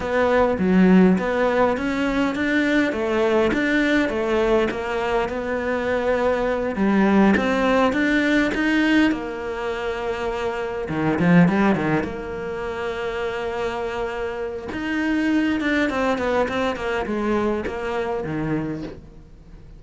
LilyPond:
\new Staff \with { instrumentName = "cello" } { \time 4/4 \tempo 4 = 102 b4 fis4 b4 cis'4 | d'4 a4 d'4 a4 | ais4 b2~ b8 g8~ | g8 c'4 d'4 dis'4 ais8~ |
ais2~ ais8 dis8 f8 g8 | dis8 ais2.~ ais8~ | ais4 dis'4. d'8 c'8 b8 | c'8 ais8 gis4 ais4 dis4 | }